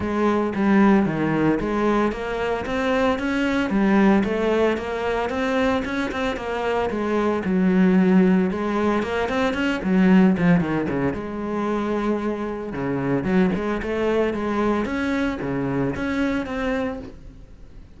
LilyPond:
\new Staff \with { instrumentName = "cello" } { \time 4/4 \tempo 4 = 113 gis4 g4 dis4 gis4 | ais4 c'4 cis'4 g4 | a4 ais4 c'4 cis'8 c'8 | ais4 gis4 fis2 |
gis4 ais8 c'8 cis'8 fis4 f8 | dis8 cis8 gis2. | cis4 fis8 gis8 a4 gis4 | cis'4 cis4 cis'4 c'4 | }